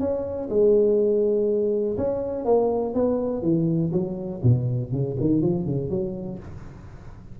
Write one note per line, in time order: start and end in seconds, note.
0.00 0.49 C#4
0.50 1.97 G#3
1.98 2.45 C#4
2.45 2.94 A#3
2.95 3.42 B3
3.42 3.92 E3
3.92 4.42 F#3
4.43 4.92 B2
4.92 5.17 C#3
5.20 5.42 D#3
5.42 5.66 F3
5.66 5.90 C#3
5.90 6.39 F#3